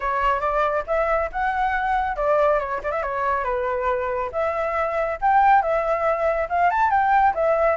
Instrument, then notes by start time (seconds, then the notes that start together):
flute
0.00 C#5
0.40 D5
0.87 E5
1.31 F#5
2.16 D5
2.59 C#5
2.83 D5
2.91 E5
3.02 C#5
3.44 B4
4.32 E5
5.21 G5
5.61 E5
6.49 F5
6.70 A5
6.90 G5
7.34 E5